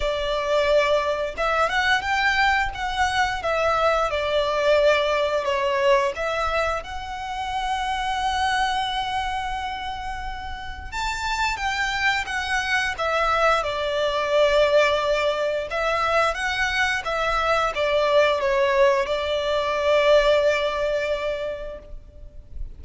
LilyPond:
\new Staff \with { instrumentName = "violin" } { \time 4/4 \tempo 4 = 88 d''2 e''8 fis''8 g''4 | fis''4 e''4 d''2 | cis''4 e''4 fis''2~ | fis''1 |
a''4 g''4 fis''4 e''4 | d''2. e''4 | fis''4 e''4 d''4 cis''4 | d''1 | }